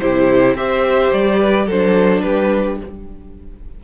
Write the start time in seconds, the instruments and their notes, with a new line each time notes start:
0.00 cello C3, viola E4, violin G4 C5
0.55 cello C4, viola G4, violin C5 E5
1.12 cello G3, violin D5
1.40 violin B4
1.66 cello F#3, viola D4, violin A4 C5
2.22 cello G3, violin G4 B4